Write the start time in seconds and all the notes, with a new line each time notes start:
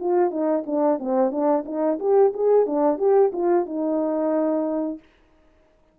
0.00 F4
0.31 D#4
0.66 D4
0.99 C4
1.31 D4
1.65 D#4
1.99 G4
2.34 G#4
2.66 D4
2.98 G4
3.33 F4
3.66 D#4